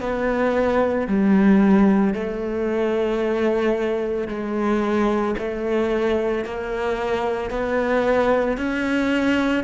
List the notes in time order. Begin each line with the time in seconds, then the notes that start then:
0.00 B3
1.07 G3
2.14 A3
4.28 G#3
5.38 A3
6.44 A#3
7.50 B3
8.57 C#4